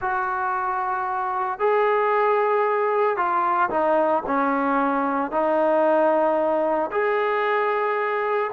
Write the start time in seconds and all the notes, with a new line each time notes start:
0.01 F#4
1.59 G#4
3.16 F4
3.70 D#4
4.26 C#4
5.31 D#4
6.91 G#4